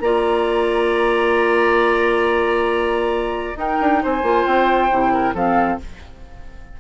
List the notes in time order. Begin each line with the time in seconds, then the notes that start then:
0.00 A#3 F4 D5 A#5
3.55 D#4 A#4 G5
3.81 D4
4.02 C4 C5 G#5
4.23 A#3 F4
4.46 C4 G5
4.91 C3 E4
5.13 A#4
5.34 F3 C4 A4 F5